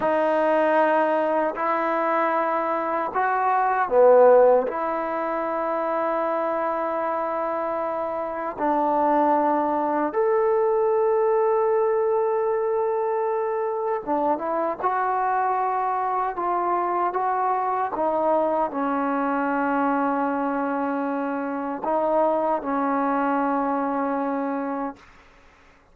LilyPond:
\new Staff \with { instrumentName = "trombone" } { \time 4/4 \tempo 4 = 77 dis'2 e'2 | fis'4 b4 e'2~ | e'2. d'4~ | d'4 a'2.~ |
a'2 d'8 e'8 fis'4~ | fis'4 f'4 fis'4 dis'4 | cis'1 | dis'4 cis'2. | }